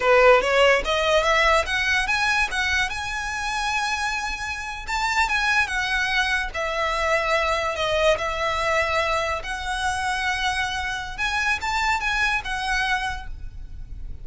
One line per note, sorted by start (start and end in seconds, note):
0.00 0.41 B4
0.41 0.82 C#5
0.84 1.23 D#5
1.23 1.64 E5
1.66 2.07 F#5
2.07 2.48 G#5
2.51 2.89 F#5
2.89 4.86 G#5
4.87 5.28 A5
5.29 5.67 G#5
5.67 6.49 F#5
6.54 7.75 E5
7.75 8.17 D#5
8.18 9.42 E5
9.43 11.17 F#5
11.17 11.59 G#5
11.61 12.00 A5
12.00 12.41 G#5
12.44 13.27 F#5